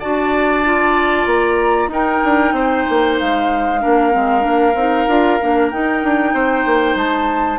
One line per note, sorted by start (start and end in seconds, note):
0.00 1.26 D4
0.00 0.65 F#4
0.00 1.89 D5
0.00 1.26 A5
0.65 1.91 F4
1.26 1.88 A#3
1.26 1.90 A#5
1.88 2.20 D#4
1.88 3.81 D#4
1.88 2.55 A#4
1.88 3.18 G5
2.24 2.52 D4
2.52 2.84 C4
2.52 3.81 C5
2.89 3.21 A#3
3.18 3.85 G#3
3.18 5.70 F5
3.81 4.15 A#3
3.81 4.12 D4
3.81 6.34 A#4
4.12 4.45 G#3
4.12 4.41 C4
4.41 4.74 A#3
4.41 4.72 D4
4.74 5.06 C4
4.74 5.08 D#4
5.08 5.39 D4
5.08 5.40 F4
5.41 5.73 A#3
5.41 5.72 D4
5.70 7.59 D#4
5.70 6.03 D#4
5.70 6.96 G5
6.03 6.33 D4
6.33 6.65 C4
6.33 7.59 C5
6.66 6.95 A#3
6.95 7.59 G#3
6.95 7.59 A5